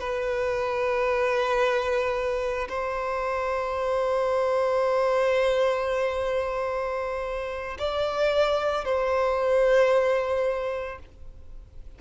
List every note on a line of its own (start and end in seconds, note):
0.00 2.68 B4
2.68 7.77 C5
7.78 8.84 D5
8.84 10.99 C5